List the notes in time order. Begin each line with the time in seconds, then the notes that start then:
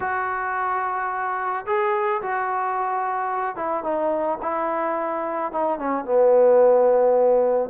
0.00 F#4
1.66 G#4
2.22 F#4
3.56 E4
3.83 D#4
4.42 E4
5.52 D#4
5.78 C#4
6.05 B3